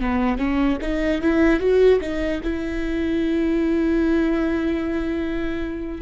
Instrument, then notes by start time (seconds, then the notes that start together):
viola
0.00 B3
0.38 C#4
0.81 D#4
1.21 E4
1.60 F#4
2.01 D#4
2.44 E4